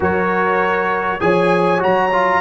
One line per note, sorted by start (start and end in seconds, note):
0.00 1.19 F#3
0.00 1.20 F#4
0.00 1.21 A#4
0.00 1.20 C#5
1.20 1.81 F3
1.20 1.79 G#4
1.20 2.40 C#5
1.20 1.81 G#5
1.79 2.40 F#3
1.79 2.09 F#4
1.79 2.40 A#5
2.12 2.40 F4